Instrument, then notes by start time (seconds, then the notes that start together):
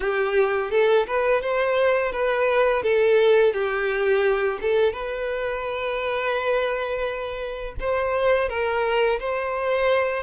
violin
0.00 G4
0.71 A4
1.07 B4
1.41 C5
2.12 B4
2.82 A4
3.53 G4
4.61 A4
4.92 B4
7.80 C5
8.48 A#4
9.19 C5